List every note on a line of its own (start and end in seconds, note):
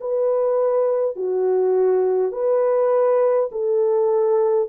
0.00 1.16 B4
1.16 2.32 F#4
2.32 3.49 B4
3.51 4.69 A4